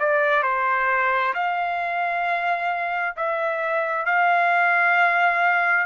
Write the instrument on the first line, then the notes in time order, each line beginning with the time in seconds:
trumpet
0.00 D5
0.43 C5
1.34 F5
3.17 E5
4.06 F5